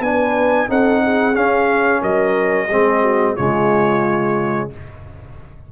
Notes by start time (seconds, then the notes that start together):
0.00 B3 D4 B4 G#5
0.67 C4 D#4 A4 F#5
1.03 G#4
1.35 C#4 F5
2.01 F#3 A#4 D#5
2.69 G#3 C4 G#4
3.01 F#4
3.36 C#3 G#3 F4 C#5